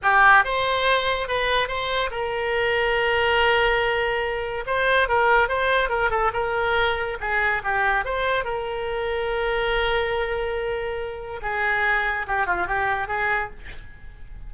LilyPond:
\new Staff \with { instrumentName = "oboe" } { \time 4/4 \tempo 4 = 142 g'4 c''2 b'4 | c''4 ais'2.~ | ais'2. c''4 | ais'4 c''4 ais'8 a'8 ais'4~ |
ais'4 gis'4 g'4 c''4 | ais'1~ | ais'2. gis'4~ | gis'4 g'8 f'8 g'4 gis'4 | }